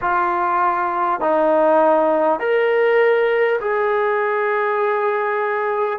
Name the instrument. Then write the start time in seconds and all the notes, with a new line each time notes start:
trombone
0.01 F4
1.20 D#4
2.39 A#4
3.60 G#4